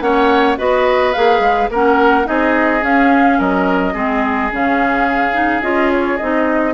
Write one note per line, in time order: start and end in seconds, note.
0.00 0.56 A#3
0.00 0.57 C#4
0.00 0.58 C#5
0.00 0.57 F#5
0.57 1.15 B3
0.57 1.13 F#4
0.57 1.70 B4
0.57 1.12 D#5
1.12 1.39 A#3
1.12 1.70 G#4
1.12 1.68 F5
1.39 1.67 G#3
1.70 2.26 A#3
1.70 2.24 C#4
1.70 2.27 A#4
1.70 2.27 F#5
2.24 2.82 C4
2.24 2.80 D#4
2.24 3.38 G#4
2.24 2.83 D#5
2.82 3.38 C#4
2.82 3.94 C#4
2.82 3.40 F5
3.38 3.94 F#3
3.38 3.93 A#4
3.38 4.52 D#5
3.93 4.50 G#3
3.93 4.50 C4
3.93 6.73 G#4
4.52 5.61 C#3
4.52 5.32 C#4
4.52 5.62 F5
5.32 5.60 D#4
5.61 6.17 C#4
5.61 6.18 F4
5.61 5.90 D#5
5.91 6.17 C#5
6.17 6.74 C4
6.17 6.74 D#4
6.17 6.73 D#5